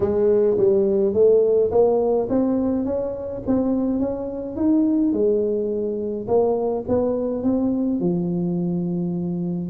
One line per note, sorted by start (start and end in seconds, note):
0.00 0.57 G#3
0.57 1.13 G3
1.13 1.70 A3
1.71 2.28 A#3
2.29 2.85 C4
2.85 3.42 C#4
3.46 3.99 C4
3.99 4.56 C#4
4.56 5.12 D#4
5.12 6.27 G#3
6.27 6.84 A#3
6.88 7.43 B3
7.43 7.99 C4
7.99 9.69 F3